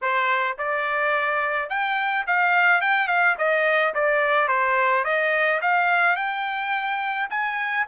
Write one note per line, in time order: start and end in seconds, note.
0.01 0.57 C5
0.58 1.69 D5
1.69 2.25 G5
2.27 2.81 F5
2.81 3.07 G5
3.07 3.35 F5
3.38 3.94 D#5
3.94 4.48 D5
4.48 5.04 C5
5.04 5.60 D#5
5.61 6.16 F5
6.16 7.28 G5
7.29 7.86 G#5